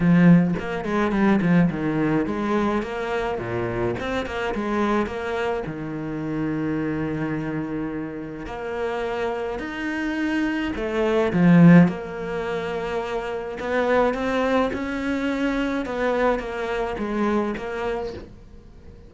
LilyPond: \new Staff \with { instrumentName = "cello" } { \time 4/4 \tempo 4 = 106 f4 ais8 gis8 g8 f8 dis4 | gis4 ais4 ais,4 c'8 ais8 | gis4 ais4 dis2~ | dis2. ais4~ |
ais4 dis'2 a4 | f4 ais2. | b4 c'4 cis'2 | b4 ais4 gis4 ais4 | }